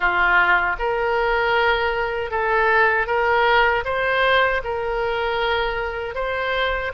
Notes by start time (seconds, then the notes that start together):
0.00 F4
0.78 A#4
2.30 A4
3.07 A#4
3.84 C5
4.64 A#4
6.15 C5